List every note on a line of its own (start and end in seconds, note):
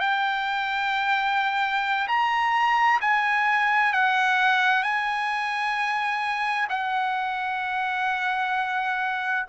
0.00 2.08 G5
2.08 3.00 A#5
3.01 3.93 G#5
3.93 4.83 F#5
4.83 6.68 G#5
6.70 9.47 F#5